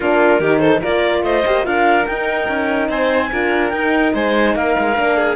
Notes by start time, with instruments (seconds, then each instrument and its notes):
0.00 cello A#3, horn D4, violin F4, clarinet A#4
0.39 cello D#3, horn D#4, violin G4
0.59 violin A4, clarinet C5
0.81 cello A#3, horn F4, violin A#4, clarinet D5
1.22 cello A3, violin C5, clarinet D#5
1.46 cello A#3, horn G4
1.63 cello D4, horn F4, violin A#4, clarinet F5
2.06 cello D#4, horn D#4, clarinet G5
2.49 cello C#4
2.88 cello C4, violin C5, clarinet G#5
3.31 cello D4, horn F4, violin A#4
3.69 cello D#4, horn D#4, clarinet G5
4.14 cello G#3, violin C5, clarinet G#5
4.55 cello A#3, violin A#4, clarinet F5
4.78 cello G#3
4.95 cello A#3, horn D4
5.17 violin G#4